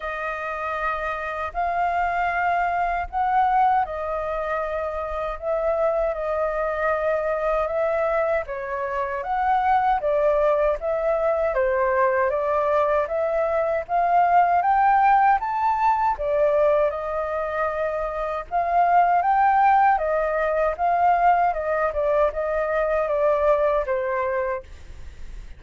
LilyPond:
\new Staff \with { instrumentName = "flute" } { \time 4/4 \tempo 4 = 78 dis''2 f''2 | fis''4 dis''2 e''4 | dis''2 e''4 cis''4 | fis''4 d''4 e''4 c''4 |
d''4 e''4 f''4 g''4 | a''4 d''4 dis''2 | f''4 g''4 dis''4 f''4 | dis''8 d''8 dis''4 d''4 c''4 | }